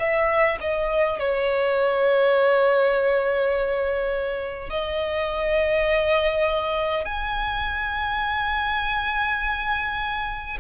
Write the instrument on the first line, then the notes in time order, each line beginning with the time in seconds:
violin
0.00 E5
0.61 D#5
1.20 C#5
4.70 D#5
7.05 G#5